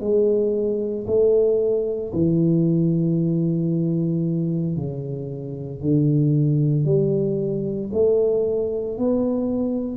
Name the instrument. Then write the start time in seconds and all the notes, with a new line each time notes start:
tuba
0.00 G#3
1.07 A3
2.13 E3
4.76 C#3
5.81 D3
6.85 G3
7.93 A3
8.98 B3